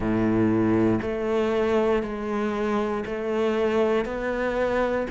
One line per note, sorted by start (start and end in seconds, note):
0.00 0.99 A2
1.02 2.02 A3
2.02 3.04 G#3
3.05 4.04 A3
4.04 5.06 B3